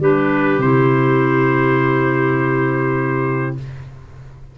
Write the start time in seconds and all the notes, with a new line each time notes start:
0.00 G3 D4 G4 B4
0.58 C3 E4 C5